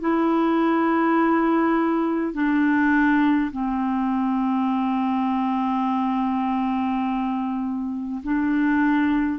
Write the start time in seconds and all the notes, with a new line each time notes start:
0.00 E4
2.33 D4
3.51 C4
8.23 D4